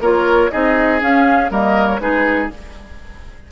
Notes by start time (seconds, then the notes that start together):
0.00 A#3 F4 A#4 C#5
0.51 C4 D#4 G#4 D#5
1.00 C#4 F5
1.50 G3 A#3 A#4 D#5
1.87 C#5
2.00 G#3 D#4 G#4 B4